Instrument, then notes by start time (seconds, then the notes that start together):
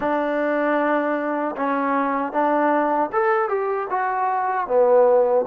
trombone
0.00 D4
1.56 C#4
2.32 D4
3.12 A4
3.49 G4
3.90 F#4
4.67 B3